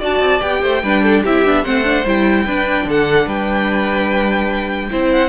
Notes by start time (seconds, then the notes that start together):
0.00 D4 F#4 D5 A5
0.20 C4
0.40 B3 G4 G5
0.62 A3 C5
0.83 G3 D4 B4
1.03 A4
1.22 C4 E4 G4 E5
1.44 B3 D4
1.63 A3 C4 C5 F#5
1.84 D4
2.05 G3 E4 G5
2.45 D4 B4
2.85 D3 A4 F#5
3.26 G3 B4 G5
4.91 C4 E4 C5
5.12 F#5